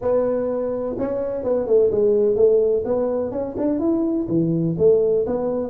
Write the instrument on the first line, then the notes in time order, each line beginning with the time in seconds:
tuba
0.01 B3
0.98 C#4
1.43 B3
1.66 A3
1.91 G#3
2.35 A3
2.84 B3
3.31 C#4
3.57 D4
3.79 E4
4.28 E3
4.77 A3
5.26 B3